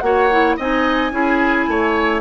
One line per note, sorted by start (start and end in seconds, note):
0.00 0.57 A#3
0.00 0.31 F#4
0.00 0.57 C#5
0.00 0.55 F#5
0.31 0.59 E4
0.57 1.12 C4
0.57 1.12 D#4
0.57 1.12 D#5
0.57 2.22 G#5
1.12 1.67 C#4
1.12 2.22 E4
1.12 1.70 G#4
1.68 2.22 A3
1.68 2.22 C#5